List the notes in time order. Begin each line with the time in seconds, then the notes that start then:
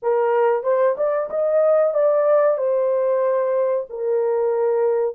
0.02 A#4
0.63 C5
0.97 D5
1.30 D#5
1.94 D5
2.57 C5
3.89 A#4